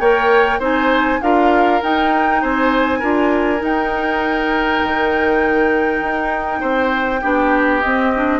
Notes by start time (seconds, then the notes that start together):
0.00 A#3 A#4 C#5 G5
0.59 C4 D#4 C5 G#5
1.22 D4 F4 A#4 F5
1.82 D#4 G5
2.42 C4 C5 G#5
2.99 D4 F4 A#4
3.58 D#4
3.64 G5
4.84 D#3
6.01 D#4
6.60 C4 C5
7.21 B3 D4 G4
7.81 C4 D#5
8.15 D4